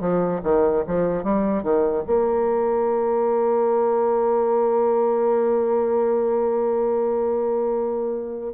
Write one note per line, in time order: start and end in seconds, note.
0.00 0.41 F3
0.43 0.83 D#3
0.87 1.23 F3
1.23 1.63 G3
1.63 2.03 D#3
2.06 8.53 A#3